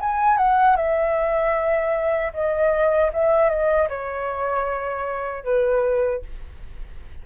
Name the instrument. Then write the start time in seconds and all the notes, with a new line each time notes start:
flute
0.00 G#5
0.37 F#5
0.76 E5
2.33 D#5
3.13 E5
3.49 D#5
3.89 C#5
5.44 B4